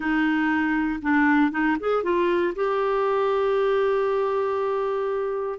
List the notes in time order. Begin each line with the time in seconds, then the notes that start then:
0.00 D#4
1.02 D4
1.51 D#4
1.80 G#4
2.03 F4
2.55 G4